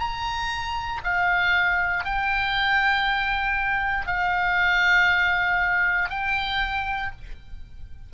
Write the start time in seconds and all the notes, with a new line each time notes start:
0.00 A#5
1.04 F5
2.05 G5
4.07 F5
6.10 G5